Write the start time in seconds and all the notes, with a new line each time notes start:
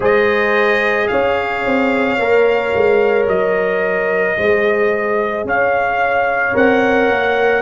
0.00 G#3 G#4 C5 D#5
1.07 C#4 C#5 F5
1.65 C4
2.18 A#3 A#4
2.75 G#3
3.27 F#3 D#5
4.36 G#3 G#4 C5
5.44 C#4 C#5 F5
6.53 C4 A#4 F#5
7.09 A#3